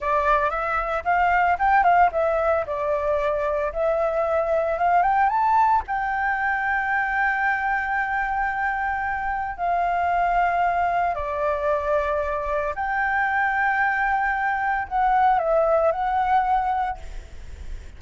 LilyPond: \new Staff \with { instrumentName = "flute" } { \time 4/4 \tempo 4 = 113 d''4 e''4 f''4 g''8 f''8 | e''4 d''2 e''4~ | e''4 f''8 g''8 a''4 g''4~ | g''1~ |
g''2 f''2~ | f''4 d''2. | g''1 | fis''4 e''4 fis''2 | }